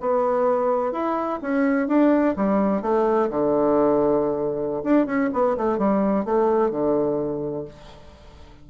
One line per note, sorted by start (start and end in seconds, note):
0.00 0.92 B3
0.92 1.39 E4
1.42 1.88 C#4
1.88 2.35 D4
2.36 2.82 G3
2.82 3.29 A3
3.29 4.83 D3
4.84 5.06 D4
5.06 5.30 C#4
5.33 5.56 B3
5.57 5.78 A3
5.78 6.25 G3
6.25 6.70 A3
6.70 7.65 D3